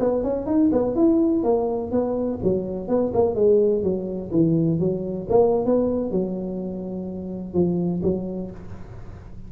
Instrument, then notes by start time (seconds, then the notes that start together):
tuba
0.00 B3
0.24 C#4
0.46 D#4
0.73 B3
0.95 E4
1.44 A#3
1.92 B3
2.43 F#3
2.88 B3
3.14 A#3
3.35 G#3
3.83 F#3
4.32 E3
4.80 F#3
5.30 A#3
5.66 B3
6.11 F#3
7.54 F3
8.03 F#3